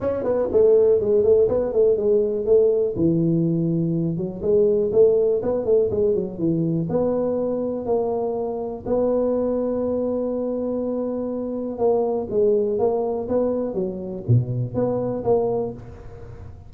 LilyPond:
\new Staff \with { instrumentName = "tuba" } { \time 4/4 \tempo 4 = 122 cis'8 b8 a4 gis8 a8 b8 a8 | gis4 a4 e2~ | e8 fis8 gis4 a4 b8 a8 | gis8 fis8 e4 b2 |
ais2 b2~ | b1 | ais4 gis4 ais4 b4 | fis4 b,4 b4 ais4 | }